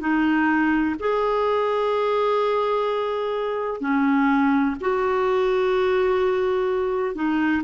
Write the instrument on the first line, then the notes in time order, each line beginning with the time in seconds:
clarinet
0.00 D#4
0.99 G#4
3.80 C#4
4.80 F#4
7.15 D#4